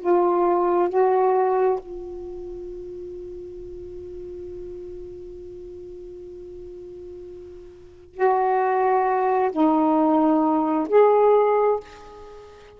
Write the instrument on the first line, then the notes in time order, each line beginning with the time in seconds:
saxophone
0.00 F4
0.89 F#4
1.79 F4
8.14 F#4
9.51 D#4
10.89 G#4